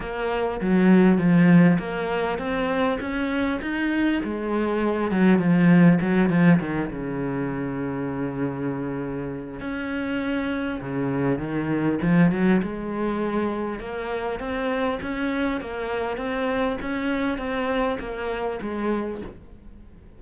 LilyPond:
\new Staff \with { instrumentName = "cello" } { \time 4/4 \tempo 4 = 100 ais4 fis4 f4 ais4 | c'4 cis'4 dis'4 gis4~ | gis8 fis8 f4 fis8 f8 dis8 cis8~ | cis1 |
cis'2 cis4 dis4 | f8 fis8 gis2 ais4 | c'4 cis'4 ais4 c'4 | cis'4 c'4 ais4 gis4 | }